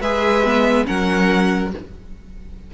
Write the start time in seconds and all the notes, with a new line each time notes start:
0.00 G#3 G#4 B4 E5
0.44 B3
0.85 F#3 C#4 A#4 F#5